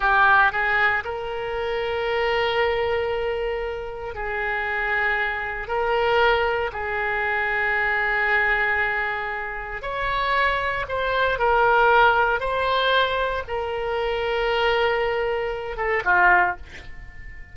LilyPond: \new Staff \with { instrumentName = "oboe" } { \time 4/4 \tempo 4 = 116 g'4 gis'4 ais'2~ | ais'1 | gis'2. ais'4~ | ais'4 gis'2.~ |
gis'2. cis''4~ | cis''4 c''4 ais'2 | c''2 ais'2~ | ais'2~ ais'8 a'8 f'4 | }